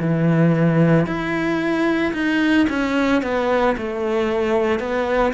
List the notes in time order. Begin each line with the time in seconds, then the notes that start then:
0.00 E3
1.06 E4
2.14 D#4
2.69 C#4
3.22 B3
3.78 A3
4.80 B3